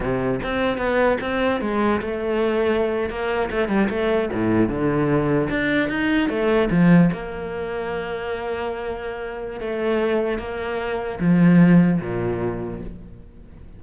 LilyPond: \new Staff \with { instrumentName = "cello" } { \time 4/4 \tempo 4 = 150 c4 c'4 b4 c'4 | gis4 a2~ a8. ais16~ | ais8. a8 g8 a4 a,4 d16~ | d4.~ d16 d'4 dis'4 a16~ |
a8. f4 ais2~ ais16~ | ais1 | a2 ais2 | f2 ais,2 | }